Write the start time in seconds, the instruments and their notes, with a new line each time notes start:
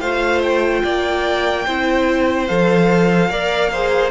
0.00 cello A3, viola F4, violin C5 F5
0.43 violin G5
0.83 cello A#3, violin D5
1.65 cello C4, viola E4, violin C5
2.46 cello F3, viola A4, violin F5
3.29 cello A#3, viola A#4, violin D5
3.71 viola G#4, violin C5